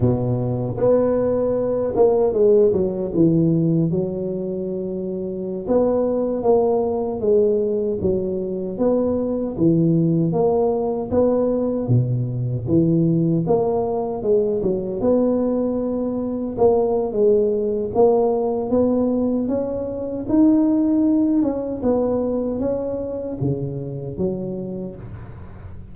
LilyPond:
\new Staff \with { instrumentName = "tuba" } { \time 4/4 \tempo 4 = 77 b,4 b4. ais8 gis8 fis8 | e4 fis2~ fis16 b8.~ | b16 ais4 gis4 fis4 b8.~ | b16 e4 ais4 b4 b,8.~ |
b,16 e4 ais4 gis8 fis8 b8.~ | b4~ b16 ais8. gis4 ais4 | b4 cis'4 dis'4. cis'8 | b4 cis'4 cis4 fis4 | }